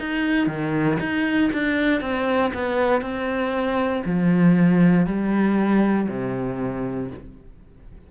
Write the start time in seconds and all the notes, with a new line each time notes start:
0.00 D#4
0.47 D#3
1.00 D#4
1.53 D4
2.02 C4
2.54 B3
3.02 C4
4.06 F3
5.07 G3
6.09 C3